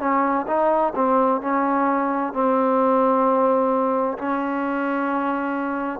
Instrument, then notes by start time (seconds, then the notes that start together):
trombone
0.00 C#4
0.48 D#4
0.96 C4
1.42 C#4
2.34 C4
4.18 C#4